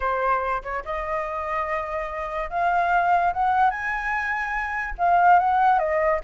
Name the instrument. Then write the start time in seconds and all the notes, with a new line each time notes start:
flute
0.00 C5
0.62 C#5
0.84 D#5
2.49 F5
3.33 F#5
3.70 G#5
4.97 F5
5.39 F#5
5.78 D#5